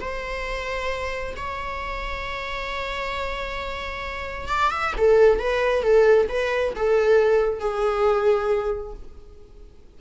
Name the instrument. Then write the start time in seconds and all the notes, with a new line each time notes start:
viola
0.00 C5
1.36 C#5
4.48 D5
4.71 E5
4.97 A4
5.39 B4
5.82 A4
6.28 B4
6.75 A4
7.59 G#4